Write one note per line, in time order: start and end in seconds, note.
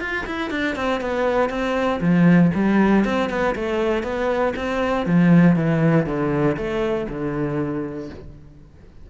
0.00 0.25 F4
0.26 0.50 E4
0.50 0.75 D4
0.75 1.00 C4
1.00 1.49 B3
1.49 2.00 C4
2.01 2.51 F3
2.54 3.04 G3
3.04 3.29 C4
3.29 3.55 B3
3.55 4.03 A3
4.03 4.53 B3
4.56 5.06 C4
5.06 5.56 F3
5.56 6.06 E3
6.06 6.56 D3
6.56 7.07 A3
7.08 8.09 D3